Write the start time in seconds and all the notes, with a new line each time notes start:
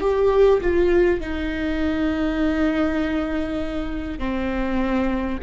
0.00 G4
0.61 F4
1.20 D#4
4.19 C4